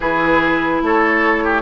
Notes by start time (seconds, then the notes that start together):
0.00 E3 E4 G#4 B4
0.82 A3 A4 C#5
1.44 G4